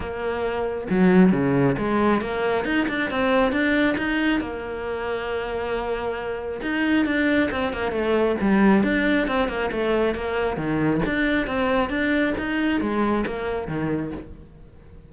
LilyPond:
\new Staff \with { instrumentName = "cello" } { \time 4/4 \tempo 4 = 136 ais2 fis4 cis4 | gis4 ais4 dis'8 d'8 c'4 | d'4 dis'4 ais2~ | ais2. dis'4 |
d'4 c'8 ais8 a4 g4 | d'4 c'8 ais8 a4 ais4 | dis4 d'4 c'4 d'4 | dis'4 gis4 ais4 dis4 | }